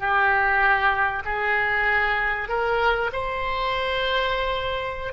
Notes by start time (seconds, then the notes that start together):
0.00 G4
1.25 G#4
2.49 A#4
3.13 C5